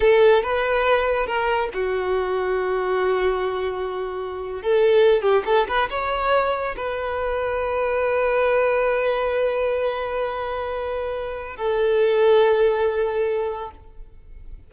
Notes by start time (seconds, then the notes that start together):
0.00 A4
0.42 B4
1.26 A#4
1.73 F#4
4.62 A4
5.21 G4
5.45 A4
5.67 B4
5.89 C#5
6.76 B4
11.56 A4